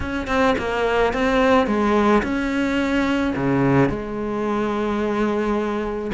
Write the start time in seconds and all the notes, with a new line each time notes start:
0.00 C#4
0.27 C4
0.58 A#3
1.13 C4
1.67 G#3
2.22 C#4
3.35 C#3
3.89 G#3